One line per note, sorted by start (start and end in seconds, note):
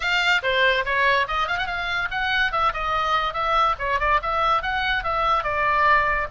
0.00 0.41 F5
0.42 0.84 C5
0.85 1.27 C#5
1.27 1.47 D#5
1.47 1.58 F5
1.58 1.66 F#5
1.66 2.08 F5
2.11 2.52 F#5
2.52 2.73 E5
2.73 3.33 D#5
3.33 3.75 E5
3.78 3.99 C#5
3.99 4.20 D5
4.22 4.62 E5
4.62 5.03 F#5
5.03 5.43 E5
5.43 6.27 D5